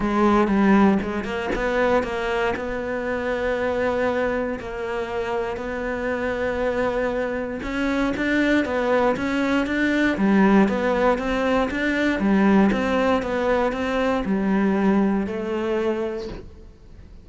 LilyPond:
\new Staff \with { instrumentName = "cello" } { \time 4/4 \tempo 4 = 118 gis4 g4 gis8 ais8 b4 | ais4 b2.~ | b4 ais2 b4~ | b2. cis'4 |
d'4 b4 cis'4 d'4 | g4 b4 c'4 d'4 | g4 c'4 b4 c'4 | g2 a2 | }